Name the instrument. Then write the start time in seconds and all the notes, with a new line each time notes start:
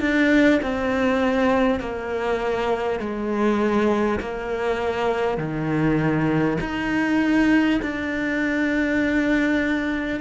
cello
0.00 D4
0.63 C4
1.80 A#3
3.00 G#3
4.20 A#3
5.38 D#3
6.61 D#4
7.82 D4